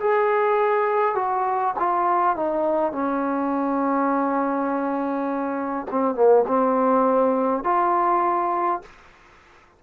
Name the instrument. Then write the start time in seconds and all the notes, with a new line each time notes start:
trombone
0.00 G#4
1.16 F#4
1.79 F4
2.36 D#4
2.93 C#4
5.91 C4
6.16 A#3
6.48 C4
7.64 F4